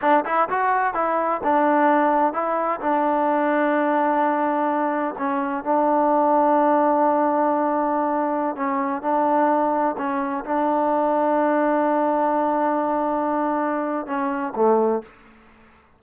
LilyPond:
\new Staff \with { instrumentName = "trombone" } { \time 4/4 \tempo 4 = 128 d'8 e'8 fis'4 e'4 d'4~ | d'4 e'4 d'2~ | d'2. cis'4 | d'1~ |
d'2~ d'16 cis'4 d'8.~ | d'4~ d'16 cis'4 d'4.~ d'16~ | d'1~ | d'2 cis'4 a4 | }